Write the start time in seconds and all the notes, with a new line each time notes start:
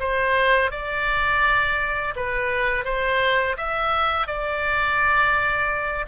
0.00 C5
0.71 D5
2.16 B4
2.85 C5
3.57 E5
4.27 D5